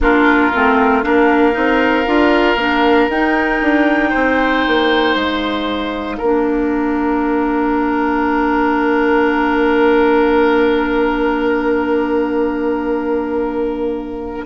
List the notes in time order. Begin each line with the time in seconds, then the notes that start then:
0.00 A#3 D4 F4 A#4
0.53 A3 C4
1.02 A#3 D4 A#4 F5
1.52 C4 D#4
2.06 D4 F4
2.55 A#3 D4
3.09 D#4 G5
3.61 D4
4.09 C4 C5
4.67 A#3
5.15 G#3 F5
6.17 A#3 D4 A#4